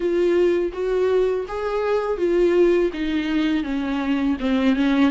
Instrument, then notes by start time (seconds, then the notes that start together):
viola
0.00 F4
0.73 F#4
1.48 G#4
2.17 F4
2.93 D#4
3.63 C#4
4.40 C4
4.75 C#4